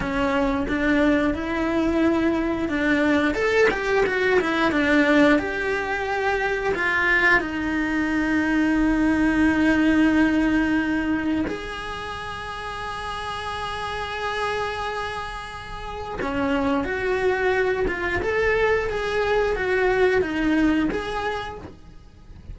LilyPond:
\new Staff \with { instrumentName = "cello" } { \time 4/4 \tempo 4 = 89 cis'4 d'4 e'2 | d'4 a'8 g'8 fis'8 e'8 d'4 | g'2 f'4 dis'4~ | dis'1~ |
dis'4 gis'2.~ | gis'1 | cis'4 fis'4. f'8 a'4 | gis'4 fis'4 dis'4 gis'4 | }